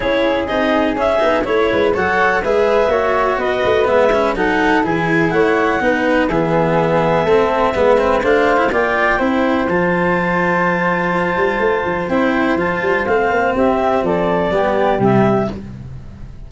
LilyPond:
<<
  \new Staff \with { instrumentName = "clarinet" } { \time 4/4 \tempo 4 = 124 cis''4 dis''4 e''4 cis''4 | fis''4 e''2 dis''4 | e''4 fis''4 gis''4 fis''4~ | fis''4 e''2.~ |
e''4 f''4 g''2 | a''1~ | a''4 g''4 a''4 f''4 | e''4 d''2 e''4 | }
  \new Staff \with { instrumentName = "flute" } { \time 4/4 gis'2. cis''8 b'8 | cis''4 b'4 cis''4 b'4~ | b'4 a'4 gis'4 cis''4 | b'4 gis'2 a'4 |
b'4 c''4 d''4 c''4~ | c''1~ | c''1 | g'4 a'4 g'2 | }
  \new Staff \with { instrumentName = "cello" } { \time 4/4 e'4 dis'4 cis'8 dis'8 e'4 | a'4 gis'4 fis'2 | b8 cis'8 dis'4 e'2 | dis'4 b2 c'4 |
b8 c'8 d'8. e'16 f'4 e'4 | f'1~ | f'4 e'4 f'4 c'4~ | c'2 b4 g4 | }
  \new Staff \with { instrumentName = "tuba" } { \time 4/4 cis'4 c'4 cis'8 b8 a8 gis8 | fis4 gis4 ais4 b8 a8 | gis4 fis4 e4 a4 | b4 e2 a4 |
gis4 a4 ais4 c'4 | f2.~ f8 g8 | a8 f8 c'4 f8 g8 a8 ais8 | c'4 f4 g4 c4 | }
>>